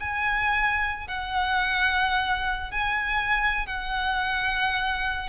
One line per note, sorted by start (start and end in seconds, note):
0.00 1.08 G#5
1.08 2.71 F#5
2.71 3.67 G#5
3.67 5.29 F#5